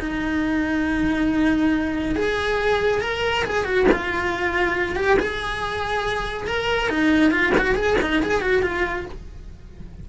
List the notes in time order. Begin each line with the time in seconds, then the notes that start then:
0.00 D#4
2.16 G#4
3.01 A#4
3.45 G#4
3.65 F#4
3.92 F4
4.96 G4
5.20 G#4
6.47 A#4
6.90 D#4
7.31 F4
7.58 F#4
7.75 G#4
8.02 D#4
8.23 G#4
8.42 F#4
8.63 F4